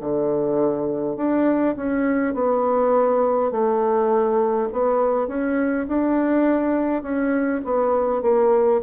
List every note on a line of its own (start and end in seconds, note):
0.00 1.17 D3
1.17 1.75 D4
1.76 2.34 C#4
2.34 3.51 B3
3.51 4.68 A3
4.72 5.28 B3
5.28 5.87 C#4
5.88 7.02 D4
7.02 7.61 C#4
7.64 8.22 B3
8.22 8.81 A#3